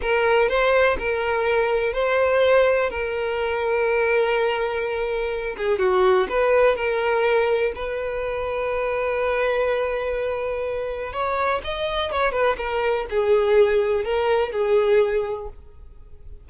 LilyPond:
\new Staff \with { instrumentName = "violin" } { \time 4/4 \tempo 4 = 124 ais'4 c''4 ais'2 | c''2 ais'2~ | ais'2.~ ais'8 gis'8 | fis'4 b'4 ais'2 |
b'1~ | b'2. cis''4 | dis''4 cis''8 b'8 ais'4 gis'4~ | gis'4 ais'4 gis'2 | }